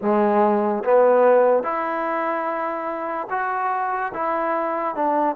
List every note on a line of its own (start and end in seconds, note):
0.01 0.83 G#3
0.84 1.63 B3
1.63 3.27 E4
3.30 4.12 F#4
4.13 4.95 E4
4.95 5.35 D4